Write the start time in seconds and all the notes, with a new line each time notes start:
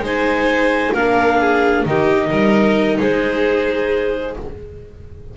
0.00 G#3 D#4 C5
0.06 G#5
0.93 A#3 D4 A#4 F5
1.41 G#4
1.86 D#3 D#4 G4 D#5
2.30 G3 A#4
3.00 G#3 G#4 C5